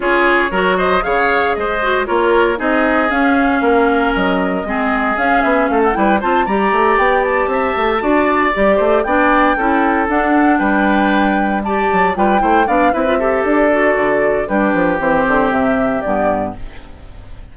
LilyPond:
<<
  \new Staff \with { instrumentName = "flute" } { \time 4/4 \tempo 4 = 116 cis''4. dis''8 f''4 dis''4 | cis''4 dis''4 f''2 | dis''2 f''8 e''8 f''16 fis''16 g''8 | a''8 ais''4 g''8 a''2~ |
a''8 d''4 g''2 fis''8~ | fis''8 g''2 a''4 g''8~ | g''8 f''8 e''4 d''2 | b'4 c''4 e''4 d''4 | }
  \new Staff \with { instrumentName = "oboe" } { \time 4/4 gis'4 ais'8 c''8 cis''4 c''4 | ais'4 gis'2 ais'4~ | ais'4 gis'2 a'8 b'8 | c''8 d''2 e''4 d''8~ |
d''4 c''8 d''4 a'4.~ | a'8 b'2 d''4 b'8 | c''8 d''8 b'8 a'2~ a'8 | g'1 | }
  \new Staff \with { instrumentName = "clarinet" } { \time 4/4 f'4 fis'4 gis'4. fis'8 | f'4 dis'4 cis'2~ | cis'4 c'4 cis'4. e'8 | f'8 g'2. fis'8~ |
fis'8 g'4 d'4 e'4 d'8~ | d'2~ d'8 g'4 f'8 | e'8 d'8 e'16 f'16 g'4 fis'4. | d'4 c'2 b4 | }
  \new Staff \with { instrumentName = "bassoon" } { \time 4/4 cis'4 fis4 cis4 gis4 | ais4 c'4 cis'4 ais4 | fis4 gis4 cis'8 b8 a8 g8 | c'8 g8 a8 b4 c'8 a8 d'8~ |
d'8 g8 a8 b4 cis'4 d'8~ | d'8 g2~ g8 fis8 g8 | a8 b8 c'4 d'4 d4 | g8 f8 e8 d8 c4 g,4 | }
>>